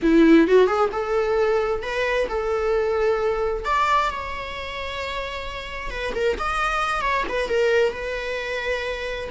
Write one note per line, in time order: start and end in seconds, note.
0.02 0.47 E4
0.47 0.67 F#4
0.67 0.89 G#4
0.92 1.82 A4
1.82 2.27 B4
2.28 3.64 A4
3.64 4.10 D5
4.10 5.90 C#5
5.90 6.13 B4
6.15 6.37 A#4
6.39 7.01 D#5
7.01 7.24 C#5
7.29 7.48 B4
7.48 7.93 A#4
7.93 9.29 B4